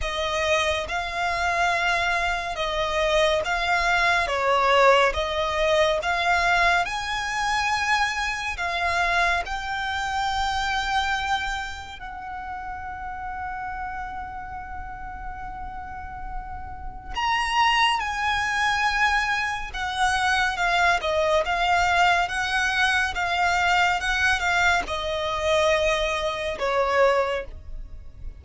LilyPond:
\new Staff \with { instrumentName = "violin" } { \time 4/4 \tempo 4 = 70 dis''4 f''2 dis''4 | f''4 cis''4 dis''4 f''4 | gis''2 f''4 g''4~ | g''2 fis''2~ |
fis''1 | ais''4 gis''2 fis''4 | f''8 dis''8 f''4 fis''4 f''4 | fis''8 f''8 dis''2 cis''4 | }